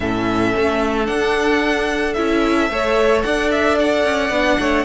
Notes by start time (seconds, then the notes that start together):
0.00 A2 C#4 A4 E5
0.56 A3
1.05 D4 F#5
2.13 C#4 E4 E5
2.69 A3 A4 C#5
3.23 D4 D5 F#5
3.51 E5
3.79 F#5
4.04 C#4
4.30 B3 D4
4.59 A3 C#5